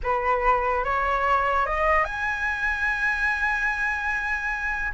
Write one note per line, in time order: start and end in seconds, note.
0.03 0.84 B4
0.84 1.66 C#5
1.66 2.04 D#5
2.04 4.91 G#5